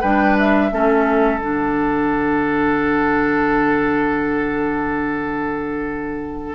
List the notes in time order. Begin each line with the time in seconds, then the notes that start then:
0.00 G3 D4 B4 G5
0.38 E5
0.71 A3 C#4 A4
1.39 D3 D4 F#5